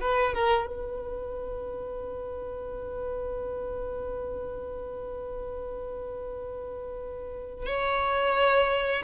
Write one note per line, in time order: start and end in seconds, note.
0.00 0.33 B4
0.33 0.67 A#4
0.67 7.65 B4
7.65 9.02 C#5